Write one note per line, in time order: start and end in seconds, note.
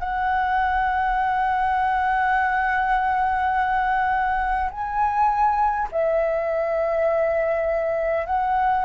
0.00 4.71 F#5
4.71 5.89 G#5
5.92 8.26 E5
8.26 8.85 F#5